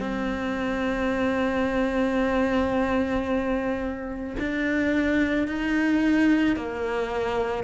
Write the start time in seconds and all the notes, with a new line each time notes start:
0.00 C4
4.39 D4
5.47 D#4
6.57 A#3